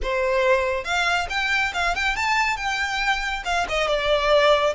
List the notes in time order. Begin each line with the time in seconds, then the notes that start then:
0.02 C5
0.84 F5
1.29 G5
1.73 F5
1.95 G5
2.15 A5
2.57 G5
3.45 F5
3.68 D#5
3.87 D5